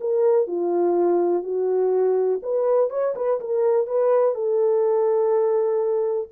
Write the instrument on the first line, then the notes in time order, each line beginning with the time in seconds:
horn
0.00 A#4
0.47 F4
1.43 F#4
2.42 B4
2.90 C#5
3.15 B4
3.40 A#4
3.87 B4
4.35 A4